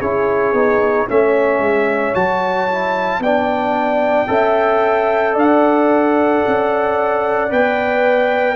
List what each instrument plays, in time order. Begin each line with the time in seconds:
0.00 tuba C#4, trombone E4, horn G#4, trumpet C#5
0.53 tuba B3, trombone D#4
1.07 tuba A3, trombone C#4, horn C#5, trumpet E5
1.60 tuba G#3
2.15 tuba F#3, trombone F#4, trumpet A5
2.69 trombone E4
3.20 tuba B3, trombone D4, horn D5, trumpet G5
4.28 tuba C#4, trombone A4, horn E5
5.35 tuba D4, horn D5, trumpet F#5
6.47 tuba C#4
7.51 tuba B3, trombone B4, trumpet G5